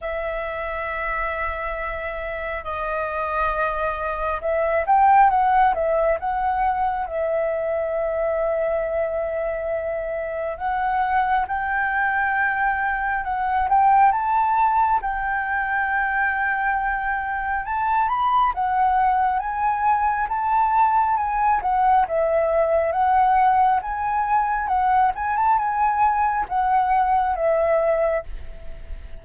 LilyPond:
\new Staff \with { instrumentName = "flute" } { \time 4/4 \tempo 4 = 68 e''2. dis''4~ | dis''4 e''8 g''8 fis''8 e''8 fis''4 | e''1 | fis''4 g''2 fis''8 g''8 |
a''4 g''2. | a''8 b''8 fis''4 gis''4 a''4 | gis''8 fis''8 e''4 fis''4 gis''4 | fis''8 gis''16 a''16 gis''4 fis''4 e''4 | }